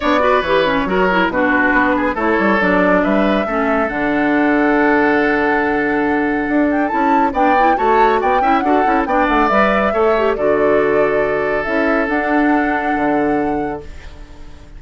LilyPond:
<<
  \new Staff \with { instrumentName = "flute" } { \time 4/4 \tempo 4 = 139 d''4 cis''2 b'4~ | b'4 cis''4 d''4 e''4~ | e''4 fis''2.~ | fis''2.~ fis''8 g''8 |
a''4 g''4 a''4 g''4 | fis''4 g''8 fis''8 e''2 | d''2. e''4 | fis''1 | }
  \new Staff \with { instrumentName = "oboe" } { \time 4/4 cis''8 b'4. ais'4 fis'4~ | fis'8 gis'8 a'2 b'4 | a'1~ | a'1~ |
a'4 d''4 cis''4 d''8 e''8 | a'4 d''2 cis''4 | a'1~ | a'1 | }
  \new Staff \with { instrumentName = "clarinet" } { \time 4/4 d'8 fis'8 g'8 cis'8 fis'8 e'8 d'4~ | d'4 e'4 d'2 | cis'4 d'2.~ | d'1 |
e'4 d'8 e'8 fis'4. e'8 | fis'8 e'8 d'4 b'4 a'8 g'8 | fis'2. e'4 | d'1 | }
  \new Staff \with { instrumentName = "bassoon" } { \time 4/4 b4 e4 fis4 b,4 | b4 a8 g8 fis4 g4 | a4 d2.~ | d2. d'4 |
cis'4 b4 a4 b8 cis'8 | d'8 cis'8 b8 a8 g4 a4 | d2. cis'4 | d'2 d2 | }
>>